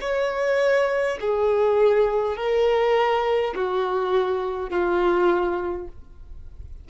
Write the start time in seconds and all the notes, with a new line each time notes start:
0.00 C#5
1.20 G#4
2.36 A#4
3.55 F#4
4.70 F4